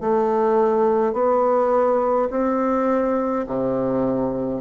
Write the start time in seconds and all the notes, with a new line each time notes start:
0.00 A3
1.13 B3
2.30 C4
3.47 C3